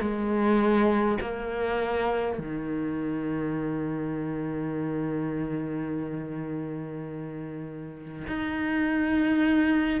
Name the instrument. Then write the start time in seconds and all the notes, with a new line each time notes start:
cello
0.00 G#3
1.20 A#3
2.38 D#3
8.27 D#4